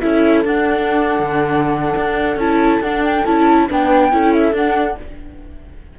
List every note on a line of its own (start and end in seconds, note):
0.00 0.44 C#4
0.00 0.44 E4
0.00 3.67 A4
0.00 0.43 E5
0.44 1.19 D4
0.44 2.39 D4
0.44 2.39 F#5
1.19 1.94 D3
1.96 2.36 D4
2.36 2.79 C#4
2.36 2.82 E4
2.36 2.81 A5
2.80 3.24 D4
2.80 3.26 D4
2.80 3.03 F#5
3.04 3.25 G5
3.25 3.68 C#4
3.25 3.69 E4
3.25 3.68 A5
3.69 4.13 B3
3.69 4.11 D4
3.69 4.12 B4
3.69 4.33 G5
4.11 4.52 C#4
4.11 4.53 E4
4.11 4.99 A4
4.33 4.54 E5
4.52 4.95 D4
4.52 4.96 D4
4.52 4.98 F#5